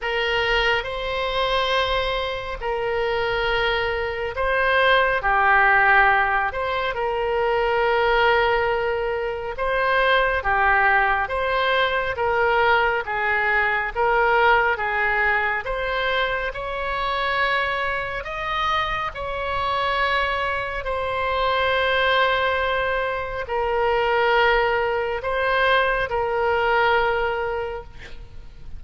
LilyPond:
\new Staff \with { instrumentName = "oboe" } { \time 4/4 \tempo 4 = 69 ais'4 c''2 ais'4~ | ais'4 c''4 g'4. c''8 | ais'2. c''4 | g'4 c''4 ais'4 gis'4 |
ais'4 gis'4 c''4 cis''4~ | cis''4 dis''4 cis''2 | c''2. ais'4~ | ais'4 c''4 ais'2 | }